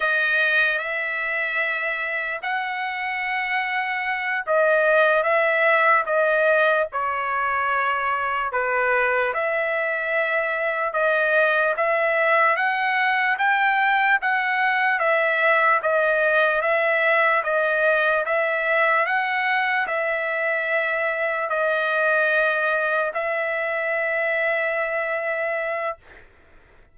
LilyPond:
\new Staff \with { instrumentName = "trumpet" } { \time 4/4 \tempo 4 = 74 dis''4 e''2 fis''4~ | fis''4. dis''4 e''4 dis''8~ | dis''8 cis''2 b'4 e''8~ | e''4. dis''4 e''4 fis''8~ |
fis''8 g''4 fis''4 e''4 dis''8~ | dis''8 e''4 dis''4 e''4 fis''8~ | fis''8 e''2 dis''4.~ | dis''8 e''2.~ e''8 | }